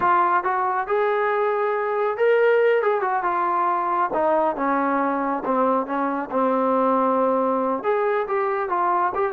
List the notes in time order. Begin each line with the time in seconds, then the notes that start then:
0.00 F4
0.43 F#4
0.87 G#4
2.17 A#4
2.82 G#4
3.01 F#4
3.23 F4
4.13 D#4
4.56 C#4
5.44 C4
5.86 C#4
6.30 C4
7.83 G#4
8.27 G4
8.69 F4
9.14 G4